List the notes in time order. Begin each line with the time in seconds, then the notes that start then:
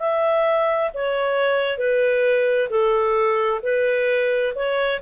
0.00 E5
0.94 C#5
1.78 B4
2.70 A4
3.63 B4
4.55 C#5